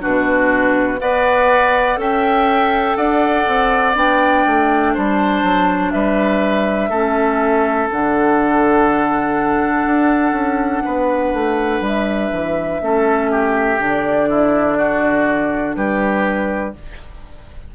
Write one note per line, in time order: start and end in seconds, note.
0.00 1.01 B2
0.00 0.98 D4
0.00 1.00 F#4
0.00 1.01 B4
1.00 1.97 B3
1.00 1.97 B4
1.00 2.00 D5
1.00 1.99 F#5
1.97 2.96 C#4
1.97 3.94 A4
1.97 2.97 E5
1.97 2.97 G5
2.97 3.46 D4
2.97 4.94 D5
2.97 3.95 F#5
3.48 3.96 C4
3.95 4.45 B3
3.95 6.91 D4
3.95 4.96 G5
4.47 4.96 A3
4.94 5.43 G3
4.94 5.92 C5
4.94 5.91 A5
5.43 5.93 F#3
5.91 6.90 G3
5.91 6.90 B4
5.91 7.88 E5
6.90 7.88 A3
6.90 7.91 C#4
6.90 10.83 A4
7.91 9.86 D3
7.91 12.82 D4
7.91 11.85 F#5
9.86 10.32 D4
10.32 10.81 C#4
10.85 11.33 B3
10.85 12.82 B4
11.33 11.81 A3
11.81 12.30 G3
11.87 13.82 E5
12.33 12.82 E3
12.82 13.79 A3
12.82 13.78 C#4
12.82 13.31 A4
13.31 14.29 G4
13.78 15.76 D3
13.78 16.73 D4
13.78 15.75 D5
14.29 14.78 E4
14.78 15.76 F#4
15.75 16.75 G3
15.75 16.75 G4
15.75 16.74 B4